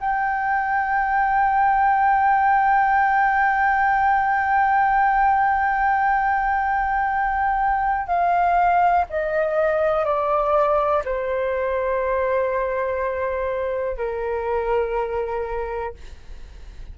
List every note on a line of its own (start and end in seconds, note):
0.00 8.07 G5
8.07 9.05 F5
9.09 10.05 D#5
10.05 11.03 D5
11.04 13.97 C5
13.97 15.93 A#4